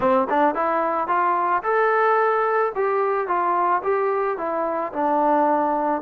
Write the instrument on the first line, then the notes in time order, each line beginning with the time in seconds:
trombone
0.00 C4
0.29 D4
0.54 E4
1.07 F4
1.63 A4
2.75 G4
3.27 F4
3.83 G4
4.37 E4
4.92 D4